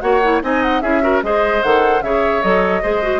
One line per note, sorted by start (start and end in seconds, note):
0.00 0.42 A#3
0.00 0.21 F#4
0.00 0.42 C#5
0.00 0.40 F#5
0.23 0.42 E4
0.42 0.82 C4
0.42 0.82 D#4
0.42 0.82 D#5
0.42 0.62 G#5
0.62 0.81 F#5
0.81 1.22 C#4
0.81 1.01 E4
0.81 1.02 G#4
0.81 1.21 E5
1.01 1.21 F#4
1.01 1.23 A#4
1.22 1.62 G#3
1.22 1.62 G#4
1.22 2.04 C5
1.22 1.62 D#5
1.62 2.02 D#3
1.62 2.02 A4
1.62 2.02 F#5
2.02 2.42 C#3
2.02 2.42 G#4
2.02 2.82 C#5
2.02 2.42 E5
2.42 2.83 F#3
2.42 2.82 A4
2.42 3.20 D#5
2.82 3.20 G#3
2.82 3.02 G#4
2.82 3.20 C5
3.02 3.20 F#4